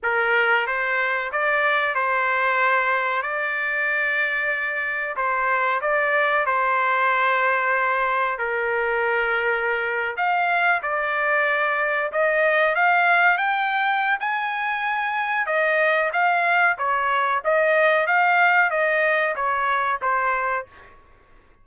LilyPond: \new Staff \with { instrumentName = "trumpet" } { \time 4/4 \tempo 4 = 93 ais'4 c''4 d''4 c''4~ | c''4 d''2. | c''4 d''4 c''2~ | c''4 ais'2~ ais'8. f''16~ |
f''8. d''2 dis''4 f''16~ | f''8. g''4~ g''16 gis''2 | dis''4 f''4 cis''4 dis''4 | f''4 dis''4 cis''4 c''4 | }